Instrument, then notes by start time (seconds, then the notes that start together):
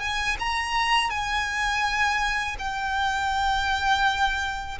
violin
0.00 G#5
0.39 A#5
1.10 G#5
2.59 G5